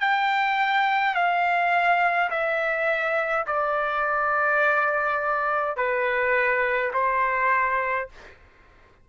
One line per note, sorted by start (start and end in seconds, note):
0.00 1.14 G5
1.14 2.30 F5
2.30 3.46 E5
3.47 5.77 D5
5.77 6.92 B4
6.93 8.09 C5